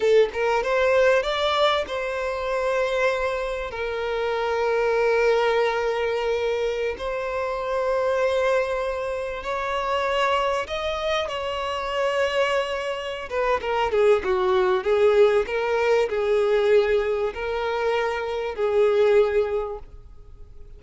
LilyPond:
\new Staff \with { instrumentName = "violin" } { \time 4/4 \tempo 4 = 97 a'8 ais'8 c''4 d''4 c''4~ | c''2 ais'2~ | ais'2.~ ais'16 c''8.~ | c''2.~ c''16 cis''8.~ |
cis''4~ cis''16 dis''4 cis''4.~ cis''16~ | cis''4. b'8 ais'8 gis'8 fis'4 | gis'4 ais'4 gis'2 | ais'2 gis'2 | }